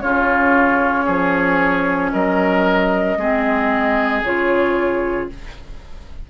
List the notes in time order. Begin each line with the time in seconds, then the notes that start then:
0.00 C#3 C#4 F4 C#5
1.05 F3 G#4
2.12 F#3 A#4 D#5
3.17 G#3 C4 G#4
4.23 C#3 F4 C#5